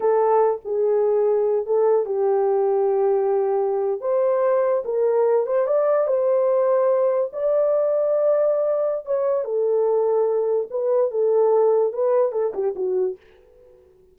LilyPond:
\new Staff \with { instrumentName = "horn" } { \time 4/4 \tempo 4 = 146 a'4. gis'2~ gis'8 | a'4 g'2.~ | g'4.~ g'16 c''2 ais'16~ | ais'4~ ais'16 c''8 d''4 c''4~ c''16~ |
c''4.~ c''16 d''2~ d''16~ | d''2 cis''4 a'4~ | a'2 b'4 a'4~ | a'4 b'4 a'8 g'8 fis'4 | }